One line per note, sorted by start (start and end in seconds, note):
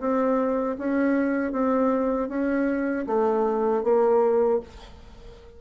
0.00 0.77 C4
0.79 1.52 C#4
1.52 2.29 C4
2.29 3.06 C#4
3.07 3.84 A3
3.84 4.60 A#3